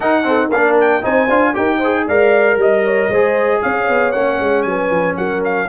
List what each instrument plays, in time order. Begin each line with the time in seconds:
0.00 trombone D#4, tuba D#4, horn A#4, trumpet F#5
0.23 trombone C4, horn A4
0.48 tuba A#3, horn A#4, trumpet F5
0.54 trombone D4
0.80 trumpet G5
1.02 tuba C4, trombone D#4, horn C5, trumpet G#5
1.29 tuba D4, trombone F4
1.54 tuba D#4, trombone G4, horn A#4, trumpet G5
1.77 horn C5
1.83 trombone G#4
2.07 tuba G#3, trombone A#4, horn D5, trumpet F5
2.56 tuba G3, horn D#5, trumpet D#5
2.84 horn C#5
3.08 tuba G#3, trombone G#4, horn C5
3.62 tuba C#4, horn C#5, trumpet F5
3.89 tuba B3
4.11 tuba A#3, trombone C#4, trumpet F#5
4.40 tuba G#3
4.62 tuba F#3, horn B4, trumpet G#5
4.90 tuba F3
5.16 tuba F#3, horn A#4, trumpet F#5
5.44 trumpet F5